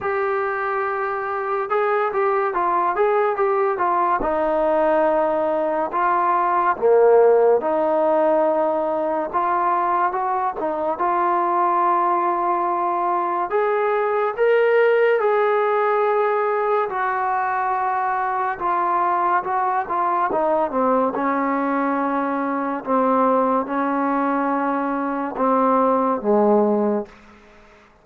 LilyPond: \new Staff \with { instrumentName = "trombone" } { \time 4/4 \tempo 4 = 71 g'2 gis'8 g'8 f'8 gis'8 | g'8 f'8 dis'2 f'4 | ais4 dis'2 f'4 | fis'8 dis'8 f'2. |
gis'4 ais'4 gis'2 | fis'2 f'4 fis'8 f'8 | dis'8 c'8 cis'2 c'4 | cis'2 c'4 gis4 | }